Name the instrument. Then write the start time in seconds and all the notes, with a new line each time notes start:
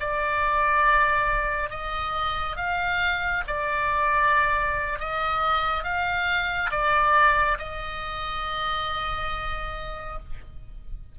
oboe
0.00 D5
1.70 D#5
2.57 F5
3.48 D5
5.00 D#5
5.84 F5
6.72 D5
7.59 D#5